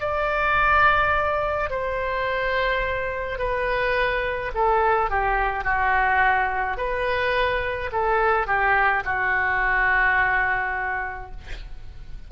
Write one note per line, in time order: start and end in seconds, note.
0.00 1.70 D5
1.70 3.39 C5
3.39 4.52 B4
4.54 5.10 A4
5.10 5.64 G4
5.64 6.77 F#4
6.77 7.90 B4
7.92 8.46 A4
8.46 9.03 G4
9.05 11.31 F#4